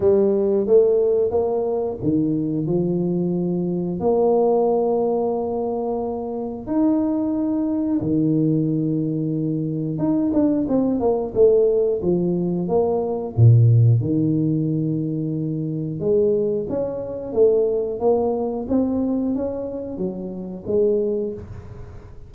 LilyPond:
\new Staff \with { instrumentName = "tuba" } { \time 4/4 \tempo 4 = 90 g4 a4 ais4 dis4 | f2 ais2~ | ais2 dis'2 | dis2. dis'8 d'8 |
c'8 ais8 a4 f4 ais4 | ais,4 dis2. | gis4 cis'4 a4 ais4 | c'4 cis'4 fis4 gis4 | }